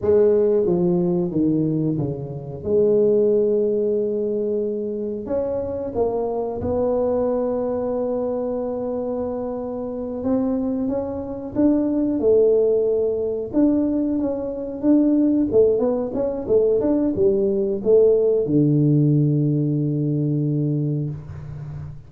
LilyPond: \new Staff \with { instrumentName = "tuba" } { \time 4/4 \tempo 4 = 91 gis4 f4 dis4 cis4 | gis1 | cis'4 ais4 b2~ | b2.~ b8 c'8~ |
c'8 cis'4 d'4 a4.~ | a8 d'4 cis'4 d'4 a8 | b8 cis'8 a8 d'8 g4 a4 | d1 | }